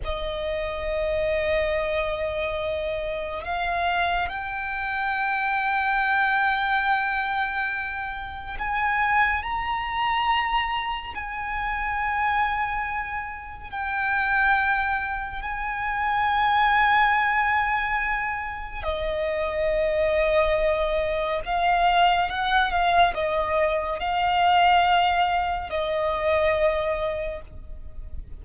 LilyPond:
\new Staff \with { instrumentName = "violin" } { \time 4/4 \tempo 4 = 70 dis''1 | f''4 g''2.~ | g''2 gis''4 ais''4~ | ais''4 gis''2. |
g''2 gis''2~ | gis''2 dis''2~ | dis''4 f''4 fis''8 f''8 dis''4 | f''2 dis''2 | }